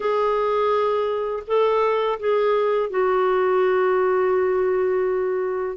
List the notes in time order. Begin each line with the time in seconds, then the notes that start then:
0.00 G#4
1.47 A4
2.19 G#4
2.89 F#4